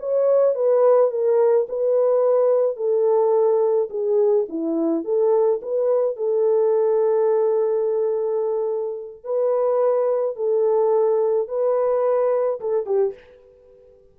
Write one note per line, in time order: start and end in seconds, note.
0.00 0.55 C#5
0.55 1.11 B4
1.11 1.67 A#4
1.69 2.77 B4
2.77 3.89 A4
3.90 4.46 G#4
4.49 5.04 E4
5.04 5.60 A4
5.62 6.16 B4
6.16 9.24 A4
9.24 10.36 B4
10.36 11.48 A4
11.48 12.60 B4
12.61 12.86 A4
12.86 13.14 G4